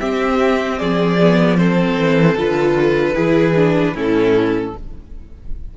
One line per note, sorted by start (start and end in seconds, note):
0.00 1.19 C4
0.00 0.80 C4
0.00 0.79 G4
0.00 0.79 E5
0.79 1.97 F3
0.79 1.58 G#4
0.79 1.58 D5
1.21 1.58 B3
1.58 2.37 C4
1.58 3.15 A4
1.58 2.37 C5
1.97 2.36 E3
2.37 3.16 D3
2.37 3.15 F4
2.37 3.98 B4
3.15 3.95 E3
3.15 3.54 E4
3.15 3.94 G#4
3.56 3.95 D4
3.95 4.74 A2
3.95 4.74 C#4
3.95 4.74 E4
3.95 4.78 A4